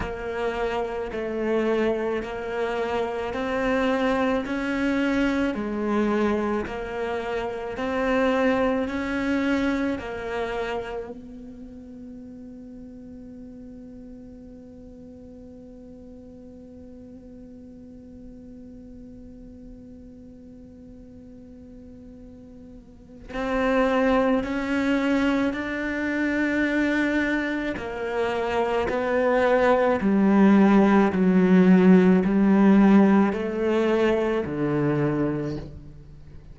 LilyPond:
\new Staff \with { instrumentName = "cello" } { \time 4/4 \tempo 4 = 54 ais4 a4 ais4 c'4 | cis'4 gis4 ais4 c'4 | cis'4 ais4 b2~ | b1~ |
b1~ | b4 c'4 cis'4 d'4~ | d'4 ais4 b4 g4 | fis4 g4 a4 d4 | }